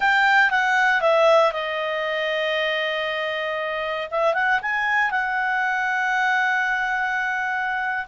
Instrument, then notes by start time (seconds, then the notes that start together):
clarinet
0.00 G5
0.50 F#5
1.01 E5
1.52 D#5
4.10 E5
4.34 F#5
4.62 G#5
5.10 F#5